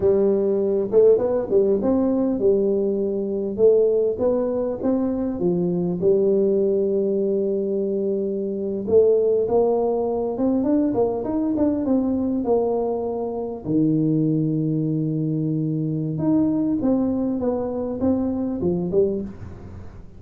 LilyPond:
\new Staff \with { instrumentName = "tuba" } { \time 4/4 \tempo 4 = 100 g4. a8 b8 g8 c'4 | g2 a4 b4 | c'4 f4 g2~ | g2~ g8. a4 ais16~ |
ais4~ ais16 c'8 d'8 ais8 dis'8 d'8 c'16~ | c'8. ais2 dis4~ dis16~ | dis2. dis'4 | c'4 b4 c'4 f8 g8 | }